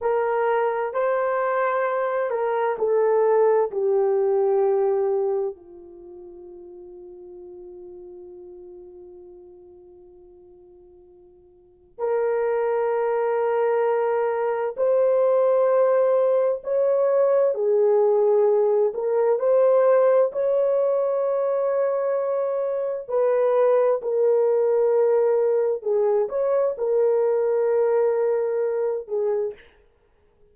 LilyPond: \new Staff \with { instrumentName = "horn" } { \time 4/4 \tempo 4 = 65 ais'4 c''4. ais'8 a'4 | g'2 f'2~ | f'1~ | f'4 ais'2. |
c''2 cis''4 gis'4~ | gis'8 ais'8 c''4 cis''2~ | cis''4 b'4 ais'2 | gis'8 cis''8 ais'2~ ais'8 gis'8 | }